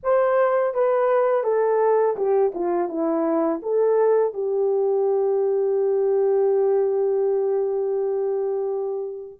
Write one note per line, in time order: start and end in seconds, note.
0.03 0.74 C5
0.74 1.43 B4
1.43 2.16 A4
2.16 2.52 G4
2.54 2.88 F4
2.88 3.60 E4
3.62 4.33 A4
4.33 9.39 G4